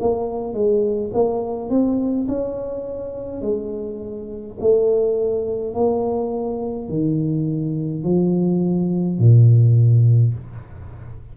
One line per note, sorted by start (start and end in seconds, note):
0.00 0.54 A#3
0.54 1.12 G#3
1.14 1.69 A#3
1.69 2.27 C4
2.28 3.42 C#4
3.42 4.57 G#3
4.60 5.74 A3
5.74 6.89 A#3
6.89 8.03 D#3
8.03 9.19 F3
9.19 10.34 A#2